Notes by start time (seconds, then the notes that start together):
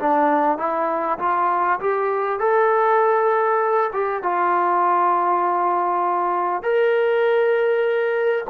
0.00 D4
0.58 E4
1.19 F4
1.80 G4
2.40 A4
3.93 G4
4.23 F4
6.63 A#4